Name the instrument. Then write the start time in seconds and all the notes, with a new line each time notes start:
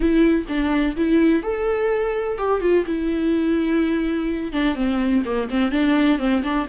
viola
0.00 E4
0.48 D4
0.96 E4
1.42 A4
2.38 G4
2.61 F4
2.86 E4
4.52 D4
4.75 C4
5.25 A#3
5.50 C4
5.71 D4
6.18 C4
6.43 D4